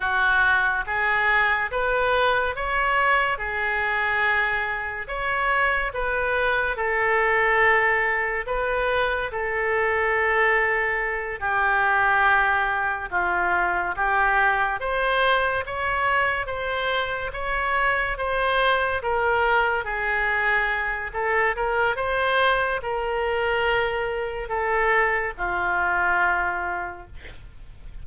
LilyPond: \new Staff \with { instrumentName = "oboe" } { \time 4/4 \tempo 4 = 71 fis'4 gis'4 b'4 cis''4 | gis'2 cis''4 b'4 | a'2 b'4 a'4~ | a'4. g'2 f'8~ |
f'8 g'4 c''4 cis''4 c''8~ | c''8 cis''4 c''4 ais'4 gis'8~ | gis'4 a'8 ais'8 c''4 ais'4~ | ais'4 a'4 f'2 | }